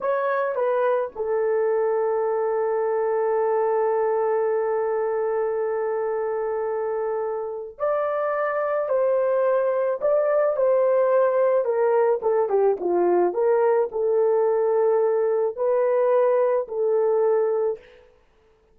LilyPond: \new Staff \with { instrumentName = "horn" } { \time 4/4 \tempo 4 = 108 cis''4 b'4 a'2~ | a'1~ | a'1~ | a'2 d''2 |
c''2 d''4 c''4~ | c''4 ais'4 a'8 g'8 f'4 | ais'4 a'2. | b'2 a'2 | }